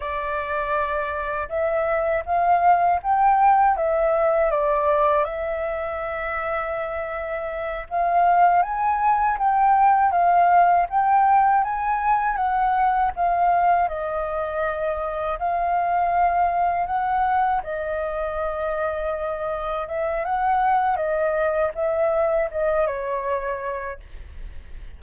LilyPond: \new Staff \with { instrumentName = "flute" } { \time 4/4 \tempo 4 = 80 d''2 e''4 f''4 | g''4 e''4 d''4 e''4~ | e''2~ e''8 f''4 gis''8~ | gis''8 g''4 f''4 g''4 gis''8~ |
gis''8 fis''4 f''4 dis''4.~ | dis''8 f''2 fis''4 dis''8~ | dis''2~ dis''8 e''8 fis''4 | dis''4 e''4 dis''8 cis''4. | }